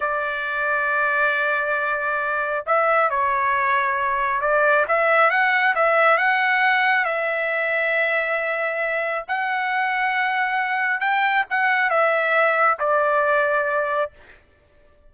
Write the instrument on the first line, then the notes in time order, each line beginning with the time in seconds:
trumpet
0.00 D5
2.66 E5
3.10 C#5
4.41 D5
4.87 E5
5.30 F#5
5.75 E5
6.17 F#5
7.04 E5
9.28 F#5
11.00 G5
11.49 F#5
11.89 E5
12.79 D5